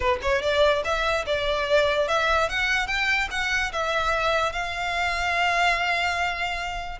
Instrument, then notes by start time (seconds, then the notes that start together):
violin
0.00 B4
0.22 C#5
0.41 D5
0.84 E5
1.26 D5
2.08 E5
2.49 F#5
2.87 G5
3.31 F#5
3.72 E5
4.52 F5